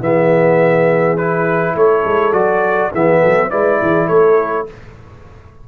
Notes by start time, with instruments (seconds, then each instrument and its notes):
0.00 tuba E3, trombone B3, horn G#4, trumpet E5
1.17 trombone E4, trumpet B4
1.75 tuba A3, horn A4, trumpet C#5
2.05 tuba G#3
2.33 tuba F#3, trombone F#4, trumpet D5
2.92 tuba E3, trombone B3, horn G#4, trumpet E5
3.20 tuba F#3, horn A4
3.50 tuba G#3, trombone E4, horn B4, trumpet D5
3.81 tuba E3, horn G#4
4.07 tuba A3, horn A4, trumpet C#5